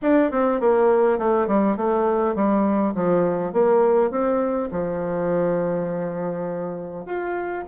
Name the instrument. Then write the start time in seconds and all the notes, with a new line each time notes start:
bassoon
0.02 D4
0.31 C4
0.60 A#3
1.18 A3
1.47 G3
1.76 A3
2.35 G3
2.94 F3
3.52 A#3
4.10 C4
4.71 F3
7.05 F4